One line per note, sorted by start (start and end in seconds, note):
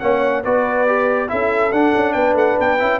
0.00 0.45 A#3
0.00 0.44 C#4
0.00 0.44 C#5
0.00 0.43 F#5
0.44 1.31 B3
0.44 0.88 F#4
0.44 1.30 B4
0.44 1.29 D5
0.88 1.28 G4
1.28 1.72 C#4
1.28 1.71 E4
1.28 2.15 A4
1.28 1.72 E5
1.72 1.94 D4
1.72 2.79 D4
1.72 2.13 F#5
1.95 2.15 C#4
2.13 2.34 B3
2.13 3.00 B4
2.13 2.34 G5
2.34 2.56 A3
2.34 2.59 F#5
2.60 2.81 B3
2.60 3.00 G5
2.79 3.00 C#4
2.79 3.00 E4